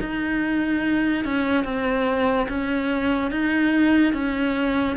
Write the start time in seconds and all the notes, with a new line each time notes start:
0.00 D#4
1.25 C#4
1.64 C4
2.49 C#4
3.31 D#4
4.14 C#4